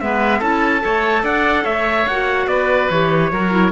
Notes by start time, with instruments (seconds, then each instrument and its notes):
0.00 cello G#3, clarinet B3, oboe B4, trumpet E5
0.39 cello C#4, clarinet E4, oboe A4, trumpet A5
0.79 cello A3, clarinet A4, oboe C#5
1.23 cello D4, oboe D5, trumpet F#5
1.63 cello A3, oboe C#5, trumpet E5
2.06 cello A#3, clarinet F#4, trumpet F#5
2.46 cello B3, oboe B4, trumpet D5
2.90 cello E3, clarinet G4, trumpet C#5
3.31 cello F#3, clarinet F#4, oboe A#4
3.51 clarinet E4